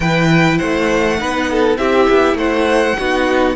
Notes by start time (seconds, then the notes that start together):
0.00 E3 E4 B4 G5
0.57 A3 C5 F#5
1.18 B3 D#4 B4
1.51 A4
1.77 C4 E4 G4 E5
2.09 B3
2.34 A3 C5 F#5
2.98 B3 D#4 F#4